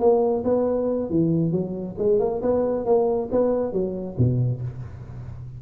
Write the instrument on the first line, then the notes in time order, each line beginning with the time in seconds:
tuba
0.00 A#3
0.44 B3
1.10 E3
1.52 F#3
1.98 G#3
2.20 A#3
2.42 B3
2.86 A#3
3.32 B3
3.73 F#3
4.18 B2